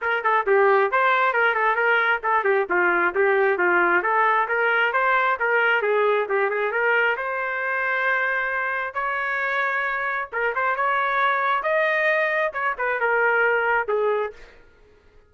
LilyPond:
\new Staff \with { instrumentName = "trumpet" } { \time 4/4 \tempo 4 = 134 ais'8 a'8 g'4 c''4 ais'8 a'8 | ais'4 a'8 g'8 f'4 g'4 | f'4 a'4 ais'4 c''4 | ais'4 gis'4 g'8 gis'8 ais'4 |
c''1 | cis''2. ais'8 c''8 | cis''2 dis''2 | cis''8 b'8 ais'2 gis'4 | }